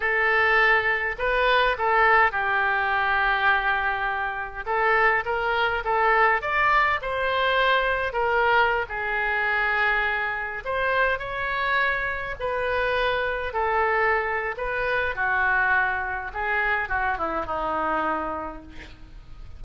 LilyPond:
\new Staff \with { instrumentName = "oboe" } { \time 4/4 \tempo 4 = 103 a'2 b'4 a'4 | g'1 | a'4 ais'4 a'4 d''4 | c''2 ais'4~ ais'16 gis'8.~ |
gis'2~ gis'16 c''4 cis''8.~ | cis''4~ cis''16 b'2 a'8.~ | a'4 b'4 fis'2 | gis'4 fis'8 e'8 dis'2 | }